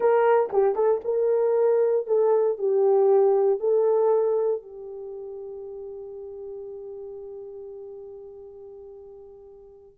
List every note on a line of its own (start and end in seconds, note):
0.00 0.50 A#4
0.52 0.75 G4
0.75 1.00 A4
1.04 2.07 A#4
2.07 2.58 A4
2.58 3.59 G4
3.59 4.62 A4
4.62 9.98 G4